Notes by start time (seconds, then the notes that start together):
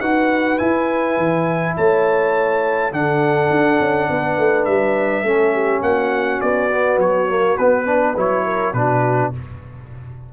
0.00 D#4 F#4 B4 F#5
0.58 E4 G#5
1.17 E3
1.77 A3 C#5 A5
2.92 D3 D4 A4 F#5
3.50 D4
3.79 C#4
4.10 B3 B4
4.38 A3
4.65 G3 E5
5.23 A3 C#4 A4
5.53 G4
5.82 A#3 F#4 F#5
6.41 B3 D5
6.70 B3
6.98 F#3 C#5
7.28 A#3
7.57 B3 B4
7.86 D4 B4
8.17 F#3 E4 C#5
8.45 A#4
8.73 B2 D4 F#4 B4